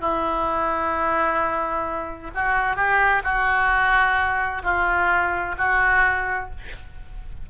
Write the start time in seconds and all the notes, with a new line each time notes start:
0.00 E4
2.34 F#4
2.76 G4
3.23 F#4
4.63 F4
5.58 F#4